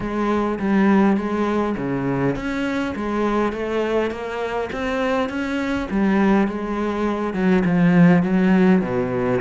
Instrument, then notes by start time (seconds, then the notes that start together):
cello
0.00 G#3
0.59 G3
1.17 G#3
1.77 C#3
2.35 C#4
2.95 G#3
3.52 A3
4.10 A#3
4.72 C4
5.29 C#4
5.90 G3
6.47 G#3
7.33 F#3
7.65 F3
8.22 F#3
8.81 B2